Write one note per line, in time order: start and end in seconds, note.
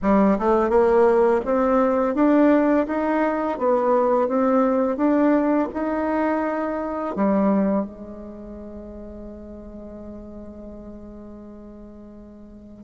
0.02 0.37 G3
0.38 0.69 A3
0.69 1.41 A#3
1.44 2.14 C4
2.14 2.86 D4
2.86 3.58 D#4
3.58 4.28 B3
4.28 4.96 C4
4.96 5.68 D4
5.73 7.15 D#4
7.15 7.85 G3
7.85 12.84 G#3